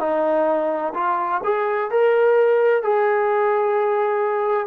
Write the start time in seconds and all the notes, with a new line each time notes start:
0.00 D#4
0.95 F4
1.44 G#4
1.91 A#4
2.83 G#4